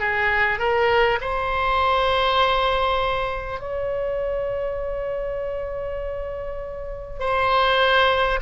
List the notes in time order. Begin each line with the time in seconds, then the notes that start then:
0.00 G#4
0.59 A#4
1.21 C5
3.61 C#5
7.19 C5